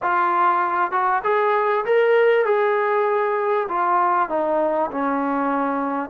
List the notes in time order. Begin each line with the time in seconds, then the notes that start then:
0.02 F4
0.91 F#4
1.23 G#4
1.85 A#4
2.45 G#4
3.68 F4
4.29 D#4
4.91 C#4